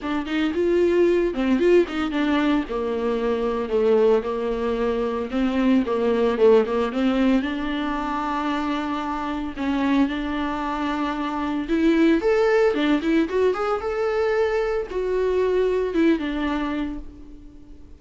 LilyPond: \new Staff \with { instrumentName = "viola" } { \time 4/4 \tempo 4 = 113 d'8 dis'8 f'4. c'8 f'8 dis'8 | d'4 ais2 a4 | ais2 c'4 ais4 | a8 ais8 c'4 d'2~ |
d'2 cis'4 d'4~ | d'2 e'4 a'4 | d'8 e'8 fis'8 gis'8 a'2 | fis'2 e'8 d'4. | }